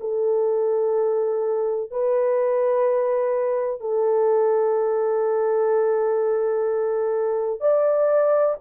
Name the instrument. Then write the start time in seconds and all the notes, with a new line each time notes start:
horn
0.00 A4
1.90 B4
3.80 A4
7.60 D5